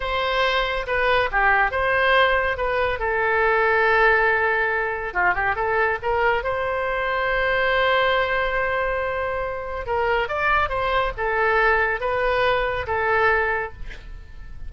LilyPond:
\new Staff \with { instrumentName = "oboe" } { \time 4/4 \tempo 4 = 140 c''2 b'4 g'4 | c''2 b'4 a'4~ | a'1 | f'8 g'8 a'4 ais'4 c''4~ |
c''1~ | c''2. ais'4 | d''4 c''4 a'2 | b'2 a'2 | }